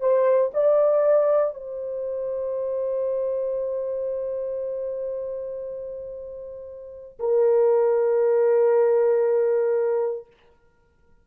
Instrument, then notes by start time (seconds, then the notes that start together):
horn
0.00 C5
0.54 D5
1.54 C5
7.19 A#4